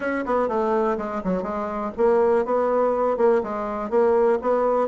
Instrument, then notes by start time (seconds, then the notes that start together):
bassoon
0.00 C#4
0.25 B3
0.48 A3
0.97 G#3
1.24 F#3
1.42 G#3
1.97 A#3
2.45 B3
3.17 A#3
3.43 G#3
3.90 A#3
4.41 B3